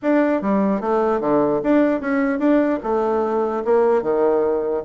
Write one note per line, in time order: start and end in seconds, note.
0.02 0.41 D4
0.41 0.80 G3
0.80 1.20 A3
1.20 1.60 D3
1.63 2.00 D4
2.00 2.39 C#4
2.39 2.79 D4
2.83 3.63 A3
3.64 4.02 A#3
4.02 4.83 D#3